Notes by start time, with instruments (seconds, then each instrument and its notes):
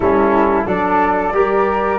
0.00 tuba G3, trombone C#4, flute E4 A4
0.65 tuba F#3, trombone D4, flute A4 D5
1.32 tuba G3, trombone G4, flute A#4